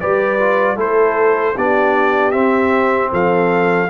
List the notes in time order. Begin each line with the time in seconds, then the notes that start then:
0.00 G3 G4 B4 D5
0.39 F4
0.76 A3 E4 A4 C5
1.54 B3 D4 G4 D5
2.31 C4 E5
3.12 F3 A4 F5